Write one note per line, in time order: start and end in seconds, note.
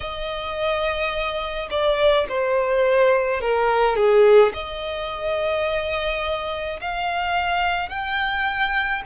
0.00 1.68 D#5
1.70 2.26 D5
2.28 3.40 C5
3.40 3.96 A#4
3.96 4.52 G#4
4.53 6.79 D#5
6.80 7.89 F5
7.89 9.02 G5